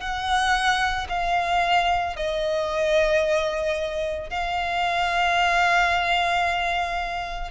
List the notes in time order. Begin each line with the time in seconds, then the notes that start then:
0.00 F#5
1.09 F5
2.16 D#5
4.30 F5